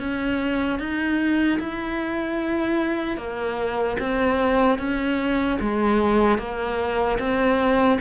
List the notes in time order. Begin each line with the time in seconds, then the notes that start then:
0.00 C#4
0.80 D#4
1.60 E4
3.17 A#3
4.00 C4
4.79 C#4
5.61 G#3
6.39 A#3
7.19 C4